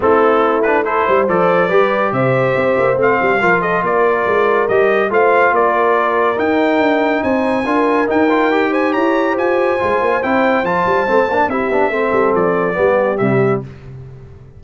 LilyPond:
<<
  \new Staff \with { instrumentName = "trumpet" } { \time 4/4 \tempo 4 = 141 a'4. b'8 c''4 d''4~ | d''4 e''2 f''4~ | f''8 dis''8 d''2 dis''4 | f''4 d''2 g''4~ |
g''4 gis''2 g''4~ | g''8 gis''8 ais''4 gis''2 | g''4 a''2 e''4~ | e''4 d''2 e''4 | }
  \new Staff \with { instrumentName = "horn" } { \time 4/4 e'2 a'8 c''4. | b'4 c''2. | ais'8 a'8 ais'2. | c''4 ais'2.~ |
ais'4 c''4 ais'2~ | ais'8 c''8 cis''4 c''2~ | c''2. g'4 | a'2 g'2 | }
  \new Staff \with { instrumentName = "trombone" } { \time 4/4 c'4. d'8 e'4 a'4 | g'2. c'4 | f'2. g'4 | f'2. dis'4~ |
dis'2 f'4 dis'8 f'8 | g'2. f'4 | e'4 f'4 c'8 d'8 e'8 d'8 | c'2 b4 g4 | }
  \new Staff \with { instrumentName = "tuba" } { \time 4/4 a2~ a8 g8 f4 | g4 c4 c'8 ais8 a8 g8 | f4 ais4 gis4 g4 | a4 ais2 dis'4 |
d'4 c'4 d'4 dis'4~ | dis'4 e'4 f'4 gis8 ais8 | c'4 f8 g8 a8 ais8 c'8 b8 | a8 g8 f4 g4 c4 | }
>>